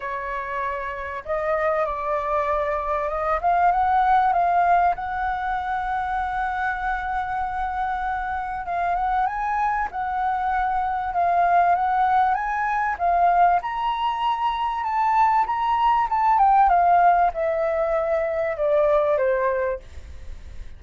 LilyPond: \new Staff \with { instrumentName = "flute" } { \time 4/4 \tempo 4 = 97 cis''2 dis''4 d''4~ | d''4 dis''8 f''8 fis''4 f''4 | fis''1~ | fis''2 f''8 fis''8 gis''4 |
fis''2 f''4 fis''4 | gis''4 f''4 ais''2 | a''4 ais''4 a''8 g''8 f''4 | e''2 d''4 c''4 | }